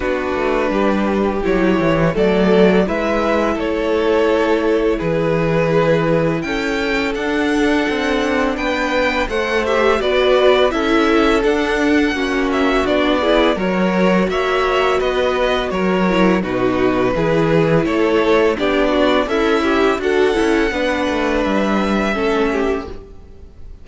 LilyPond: <<
  \new Staff \with { instrumentName = "violin" } { \time 4/4 \tempo 4 = 84 b'2 cis''4 d''4 | e''4 cis''2 b'4~ | b'4 g''4 fis''2 | g''4 fis''8 e''8 d''4 e''4 |
fis''4. e''8 d''4 cis''4 | e''4 dis''4 cis''4 b'4~ | b'4 cis''4 d''4 e''4 | fis''2 e''2 | }
  \new Staff \with { instrumentName = "violin" } { \time 4/4 fis'4 g'2 a'4 | b'4 a'2 gis'4~ | gis'4 a'2. | b'4 c''4 b'4 a'4~ |
a'4 fis'4. gis'8 ais'4 | cis''4 b'4 ais'4 fis'4 | gis'4 a'4 g'8 fis'8 e'4 | a'4 b'2 a'8 g'8 | }
  \new Staff \with { instrumentName = "viola" } { \time 4/4 d'2 e'4 a4 | e'1~ | e'2 d'2~ | d'4 a'8 g'8 fis'4 e'4 |
d'4 cis'4 d'8 e'8 fis'4~ | fis'2~ fis'8 e'8 dis'4 | e'2 d'4 a'8 g'8 | fis'8 e'8 d'2 cis'4 | }
  \new Staff \with { instrumentName = "cello" } { \time 4/4 b8 a8 g4 fis8 e8 fis4 | gis4 a2 e4~ | e4 cis'4 d'4 c'4 | b4 a4 b4 cis'4 |
d'4 ais4 b4 fis4 | ais4 b4 fis4 b,4 | e4 a4 b4 cis'4 | d'8 cis'8 b8 a8 g4 a4 | }
>>